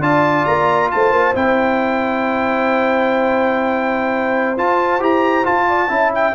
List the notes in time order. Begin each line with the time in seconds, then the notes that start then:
0.00 D4 F4 D5 A5
0.45 A#3 A#5
0.91 A3 C5 A5
1.11 A#3
1.35 C4 E4 G5
4.57 F4 A5
4.99 E4 G4 A#5
5.44 F4 A5
5.69 D5
5.88 C#4 E4 E5
6.15 G5